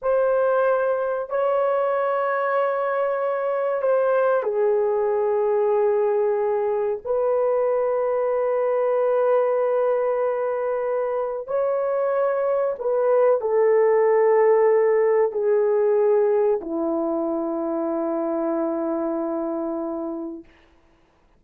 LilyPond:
\new Staff \with { instrumentName = "horn" } { \time 4/4 \tempo 4 = 94 c''2 cis''2~ | cis''2 c''4 gis'4~ | gis'2. b'4~ | b'1~ |
b'2 cis''2 | b'4 a'2. | gis'2 e'2~ | e'1 | }